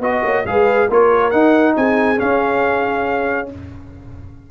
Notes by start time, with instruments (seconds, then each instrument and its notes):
0.00 tuba B3, trombone F#4, horn D#5, trumpet D#5
0.23 tuba A#3, horn C#5
0.45 tuba G#3, trombone G#4, horn B4, trumpet F5
0.88 tuba A#3, trombone F4, horn A#4, trumpet C#5
1.30 trombone D#4, tuba D#4, trumpet F#5
1.76 tuba C4, horn G#4, trumpet G#5
2.17 trombone C#4, tuba C#4, trumpet F5